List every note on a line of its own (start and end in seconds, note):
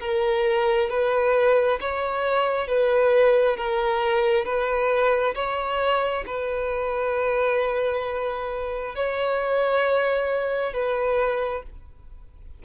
0.00 0.90 A#4
0.90 1.79 B4
1.80 2.67 C#5
2.67 3.57 B4
3.57 4.45 A#4
4.45 5.35 B4
5.35 6.24 C#5
6.26 8.95 B4
8.96 10.73 C#5
10.73 11.63 B4